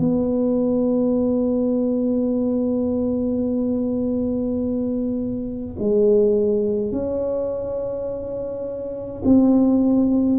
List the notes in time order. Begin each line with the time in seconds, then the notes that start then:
0.00 B3
5.80 G#3
6.92 C#4
9.25 C4